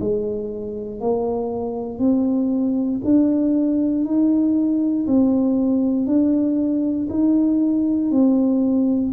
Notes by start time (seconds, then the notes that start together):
0.00 G#3
1.00 A#3
1.99 C4
3.04 D4
4.05 D#4
5.07 C4
6.06 D4
7.10 D#4
8.11 C4